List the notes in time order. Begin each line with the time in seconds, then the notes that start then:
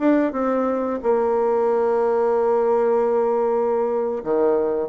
0.00 D4
0.33 C4
1.03 A#3
4.24 D#3